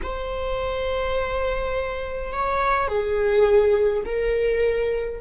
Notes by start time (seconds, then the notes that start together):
0.02 C5
2.32 C#5
2.88 G#4
4.05 A#4